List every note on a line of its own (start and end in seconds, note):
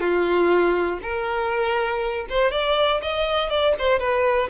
0.00 0.99 F4
1.02 2.26 A#4
2.29 2.51 C5
2.51 3.01 D5
3.02 3.49 D#5
3.49 3.74 D5
3.78 3.99 C5
3.99 4.49 B4